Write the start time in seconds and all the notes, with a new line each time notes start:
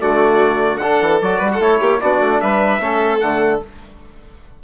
0.00 D3 A3 F#4 D5
0.77 D4 A4 F#5
1.01 E3
1.21 F#3 F#4 D5
1.38 G3 B4
1.52 A4 F#5
1.59 A3 E4 C#5
1.80 A#3 G4
2.00 B3 D4 F#4 D5
2.20 A3
2.40 G3 B4 E5
2.80 A3 C#4 A4
3.19 D3 A3 F#5